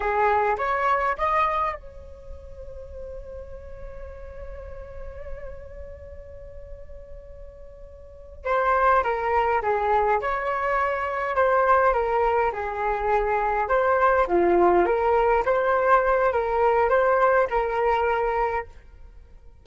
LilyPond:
\new Staff \with { instrumentName = "flute" } { \time 4/4 \tempo 4 = 103 gis'4 cis''4 dis''4 cis''4~ | cis''1~ | cis''1~ | cis''2~ cis''8 c''4 ais'8~ |
ais'8 gis'4 cis''2 c''8~ | c''8 ais'4 gis'2 c''8~ | c''8 f'4 ais'4 c''4. | ais'4 c''4 ais'2 | }